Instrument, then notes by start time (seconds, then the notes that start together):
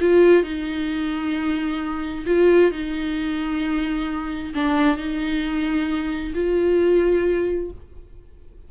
viola
0.00 F4
0.43 D#4
2.26 F4
2.71 D#4
4.54 D4
4.97 D#4
6.34 F4